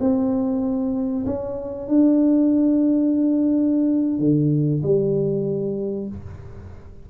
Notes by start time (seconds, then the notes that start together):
0.00 C4
1.26 C#4
1.88 D4
4.19 D3
4.83 G3